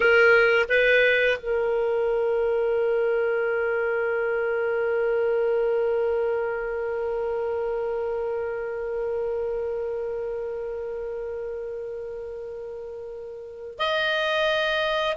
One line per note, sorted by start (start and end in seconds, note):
0.00 0.66 A#4
0.69 1.38 B4
1.39 13.79 A#4
13.79 15.17 D#5